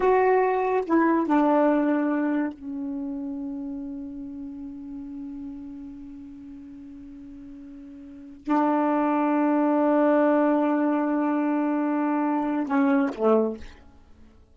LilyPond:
\new Staff \with { instrumentName = "saxophone" } { \time 4/4 \tempo 4 = 142 fis'2 e'4 d'4~ | d'2 cis'2~ | cis'1~ | cis'1~ |
cis'1 | d'1~ | d'1~ | d'2 cis'4 a4 | }